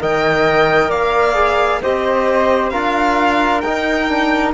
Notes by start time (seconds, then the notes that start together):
0.00 D#3 A#4 D#5 G5
0.89 A#3 D5 F5
1.35 G#4
1.82 C4 G4 C5 D#5
2.70 D4 F4 A#4 F5
3.61 D#4 G5
4.09 D4